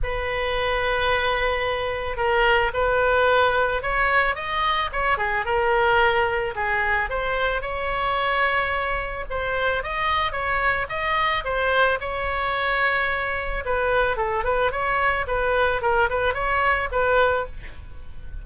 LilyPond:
\new Staff \with { instrumentName = "oboe" } { \time 4/4 \tempo 4 = 110 b'1 | ais'4 b'2 cis''4 | dis''4 cis''8 gis'8 ais'2 | gis'4 c''4 cis''2~ |
cis''4 c''4 dis''4 cis''4 | dis''4 c''4 cis''2~ | cis''4 b'4 a'8 b'8 cis''4 | b'4 ais'8 b'8 cis''4 b'4 | }